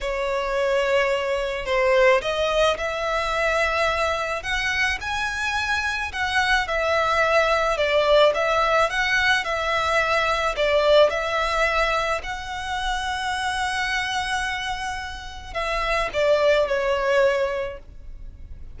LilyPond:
\new Staff \with { instrumentName = "violin" } { \time 4/4 \tempo 4 = 108 cis''2. c''4 | dis''4 e''2. | fis''4 gis''2 fis''4 | e''2 d''4 e''4 |
fis''4 e''2 d''4 | e''2 fis''2~ | fis''1 | e''4 d''4 cis''2 | }